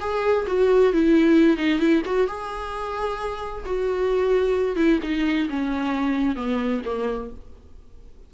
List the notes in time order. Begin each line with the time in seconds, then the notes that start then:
0.00 G#4
0.47 F#4
0.93 E4
1.57 D#4
1.79 E4
2.05 F#4
2.27 G#4
3.65 F#4
4.76 E4
5.02 D#4
5.49 C#4
6.36 B3
6.85 A#3